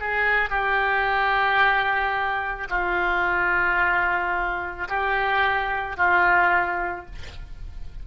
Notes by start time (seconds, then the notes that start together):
0.00 G#4
0.50 G4
2.69 F4
4.88 G4
5.97 F4